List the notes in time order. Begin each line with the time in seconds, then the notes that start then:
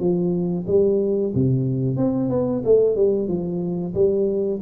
0.00 F3
0.67 G3
1.35 C3
1.97 C4
2.30 B3
2.65 A3
2.96 G3
3.28 F3
3.95 G3